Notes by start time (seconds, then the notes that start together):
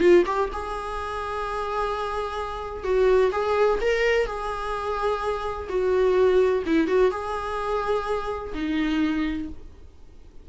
0.00 F4
0.26 G4
0.53 G#4
2.84 F#4
3.32 G#4
3.81 A#4
4.26 G#4
5.69 F#4
6.66 E4
6.87 F#4
7.11 G#4
8.54 D#4